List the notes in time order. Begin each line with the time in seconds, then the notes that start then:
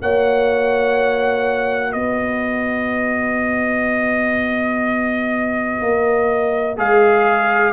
0.00 A#3 F#4 C#5 F#5
1.90 B3 B4 D#5
5.81 A#3
6.77 G#3 G#4 F5